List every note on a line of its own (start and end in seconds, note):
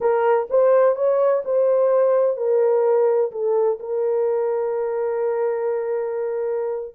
0.00 0.48 A#4
0.49 0.95 C5
0.95 1.42 C#5
1.44 2.36 C5
2.36 3.31 A#4
3.31 3.78 A4
3.79 6.95 A#4